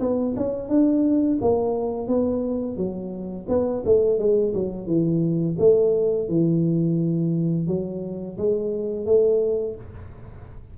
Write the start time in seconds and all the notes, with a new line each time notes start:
0.00 B3
0.36 C#4
0.69 D4
1.41 A#3
2.08 B3
2.77 F#3
3.49 B3
3.86 A3
4.19 G#3
4.54 F#3
4.87 E3
5.59 A3
6.28 E3
7.67 F#3
8.38 G#3
9.06 A3